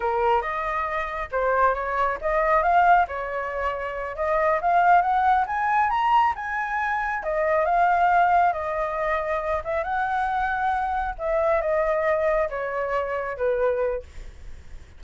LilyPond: \new Staff \with { instrumentName = "flute" } { \time 4/4 \tempo 4 = 137 ais'4 dis''2 c''4 | cis''4 dis''4 f''4 cis''4~ | cis''4. dis''4 f''4 fis''8~ | fis''8 gis''4 ais''4 gis''4.~ |
gis''8 dis''4 f''2 dis''8~ | dis''2 e''8 fis''4.~ | fis''4. e''4 dis''4.~ | dis''8 cis''2 b'4. | }